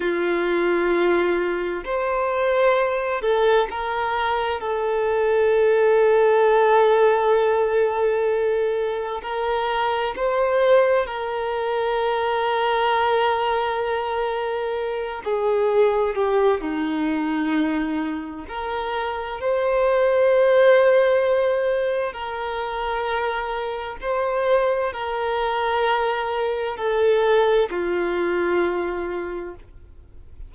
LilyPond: \new Staff \with { instrumentName = "violin" } { \time 4/4 \tempo 4 = 65 f'2 c''4. a'8 | ais'4 a'2.~ | a'2 ais'4 c''4 | ais'1~ |
ais'8 gis'4 g'8 dis'2 | ais'4 c''2. | ais'2 c''4 ais'4~ | ais'4 a'4 f'2 | }